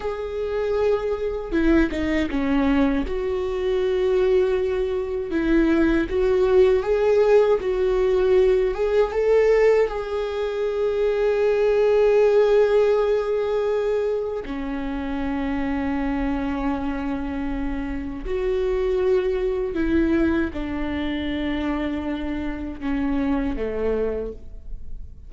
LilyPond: \new Staff \with { instrumentName = "viola" } { \time 4/4 \tempo 4 = 79 gis'2 e'8 dis'8 cis'4 | fis'2. e'4 | fis'4 gis'4 fis'4. gis'8 | a'4 gis'2.~ |
gis'2. cis'4~ | cis'1 | fis'2 e'4 d'4~ | d'2 cis'4 a4 | }